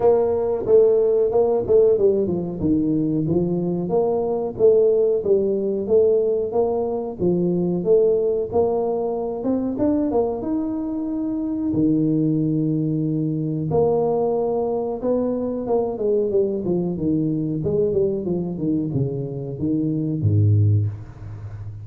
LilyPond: \new Staff \with { instrumentName = "tuba" } { \time 4/4 \tempo 4 = 92 ais4 a4 ais8 a8 g8 f8 | dis4 f4 ais4 a4 | g4 a4 ais4 f4 | a4 ais4. c'8 d'8 ais8 |
dis'2 dis2~ | dis4 ais2 b4 | ais8 gis8 g8 f8 dis4 gis8 g8 | f8 dis8 cis4 dis4 gis,4 | }